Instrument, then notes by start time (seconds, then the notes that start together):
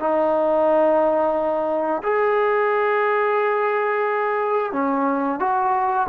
trombone
0.00 D#4
2.03 G#4
4.73 C#4
5.40 F#4